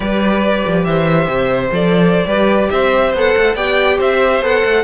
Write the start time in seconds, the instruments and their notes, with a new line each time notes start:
0.00 cello G3, viola G4, violin B4 D5
0.67 cello F3
0.84 cello E3, violin C5 E5
1.27 cello C3
1.71 cello F3, viola A4, violin D5
2.26 cello G3, viola G4, violin B4
2.70 cello C4, violin C5 E5
3.13 cello B3, viola A4, violin F#5
3.37 cello A3
3.54 cello B3, viola G4, violin D5 G5
3.97 cello C4, violin C5 E5
4.41 cello B3, viola A4, violin F#5
4.64 cello A3